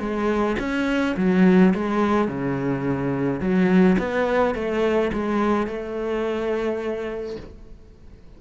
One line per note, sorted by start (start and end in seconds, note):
0.00 0.57 G#3
0.59 1.16 C#4
1.17 1.73 F#3
1.74 2.28 G#3
2.28 3.40 C#3
3.40 3.97 F#3
3.98 4.55 B3
4.55 5.11 A3
5.13 5.67 G#3
5.67 7.36 A3